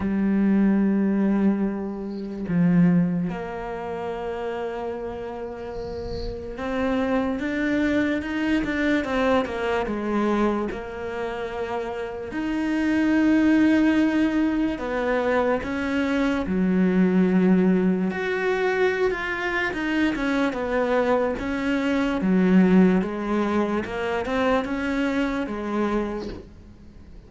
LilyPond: \new Staff \with { instrumentName = "cello" } { \time 4/4 \tempo 4 = 73 g2. f4 | ais1 | c'4 d'4 dis'8 d'8 c'8 ais8 | gis4 ais2 dis'4~ |
dis'2 b4 cis'4 | fis2 fis'4~ fis'16 f'8. | dis'8 cis'8 b4 cis'4 fis4 | gis4 ais8 c'8 cis'4 gis4 | }